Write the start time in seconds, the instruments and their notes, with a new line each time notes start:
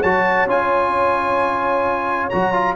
0.00 tuba F#3, trombone F#4, horn C#5, trumpet A5
0.46 tuba C#4, trombone F4, trumpet G#5
2.29 tuba F#3, trombone F#4, trumpet A#5
2.53 trombone F4